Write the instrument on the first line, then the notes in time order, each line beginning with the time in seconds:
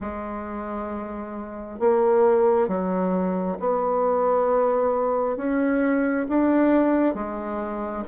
bassoon
0.00 G#3
1.79 A#3
2.68 F#3
3.59 B3
5.36 C#4
6.28 D4
7.14 G#3